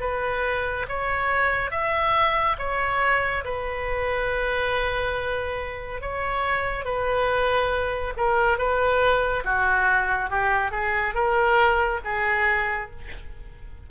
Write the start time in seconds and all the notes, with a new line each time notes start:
0.00 B4
0.88 C#5
1.71 E5
2.58 C#5
3.44 B4
6.01 C#5
6.85 B4
8.17 A#4
8.58 B4
9.44 F#4
10.30 G4
10.71 G#4
11.14 A#4
12.05 G#4